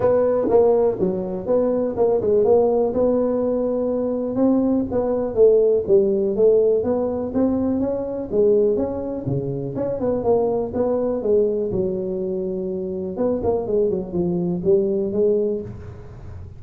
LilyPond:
\new Staff \with { instrumentName = "tuba" } { \time 4/4 \tempo 4 = 123 b4 ais4 fis4 b4 | ais8 gis8 ais4 b2~ | b4 c'4 b4 a4 | g4 a4 b4 c'4 |
cis'4 gis4 cis'4 cis4 | cis'8 b8 ais4 b4 gis4 | fis2. b8 ais8 | gis8 fis8 f4 g4 gis4 | }